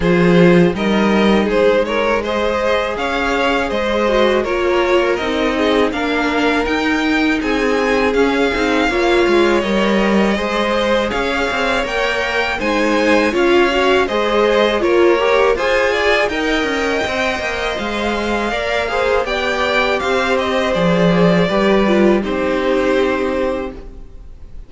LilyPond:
<<
  \new Staff \with { instrumentName = "violin" } { \time 4/4 \tempo 4 = 81 c''4 dis''4 c''8 cis''8 dis''4 | f''4 dis''4 cis''4 dis''4 | f''4 g''4 gis''4 f''4~ | f''4 dis''2 f''4 |
g''4 gis''4 f''4 dis''4 | cis''4 gis''4 g''2 | f''2 g''4 f''8 dis''8 | d''2 c''2 | }
  \new Staff \with { instrumentName = "violin" } { \time 4/4 gis'4 ais'4 gis'8 ais'8 c''4 | cis''4 c''4 ais'4. gis'8 | ais'2 gis'2 | cis''2 c''4 cis''4~ |
cis''4 c''4 cis''4 c''4 | ais'4 c''8 d''8 dis''2~ | dis''4 d''8 c''8 d''4 c''4~ | c''4 b'4 g'2 | }
  \new Staff \with { instrumentName = "viola" } { \time 4/4 f'4 dis'2 gis'4~ | gis'4. fis'8 f'4 dis'4 | d'4 dis'2 cis'8 dis'8 | f'4 ais'4 gis'2 |
ais'4 dis'4 f'8 fis'8 gis'4 | f'8 g'8 gis'4 ais'4 c''4~ | c''4 ais'8 gis'8 g'2 | gis'4 g'8 f'8 dis'2 | }
  \new Staff \with { instrumentName = "cello" } { \time 4/4 f4 g4 gis2 | cis'4 gis4 ais4 c'4 | ais4 dis'4 c'4 cis'8 c'8 | ais8 gis8 g4 gis4 cis'8 c'8 |
ais4 gis4 cis'4 gis4 | ais4 f'4 dis'8 cis'8 c'8 ais8 | gis4 ais4 b4 c'4 | f4 g4 c'2 | }
>>